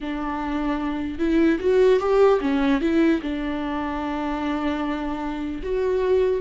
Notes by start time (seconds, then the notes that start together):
0.00 D4
1.19 E4
1.59 F#4
1.99 G4
2.40 C#4
2.80 E4
3.21 D4
5.63 F#4